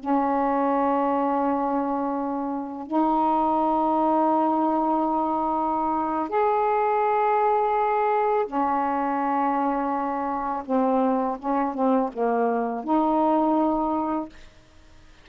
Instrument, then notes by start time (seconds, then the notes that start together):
saxophone
0.00 C#4
2.88 D#4
6.29 G#4
8.46 C#4
10.66 C4
11.39 C#4
11.74 C4
12.13 A#3
12.85 D#4